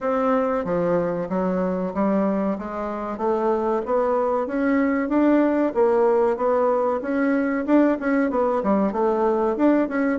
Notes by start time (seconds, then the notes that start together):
0.00 C4
0.64 F3
1.29 F#3
1.94 G3
2.58 G#3
3.17 A3
3.85 B3
4.46 C#4
5.08 D4
5.74 A#3
6.36 B3
7.01 C#4
7.65 D4
8.00 C#4
8.30 B3
8.63 G3
8.92 A3
9.56 D4
9.88 C#4